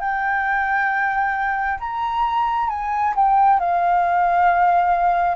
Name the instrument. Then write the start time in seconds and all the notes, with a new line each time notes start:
flute
0.00 G5
1.80 A#5
2.69 G#5
3.16 G5
3.60 F5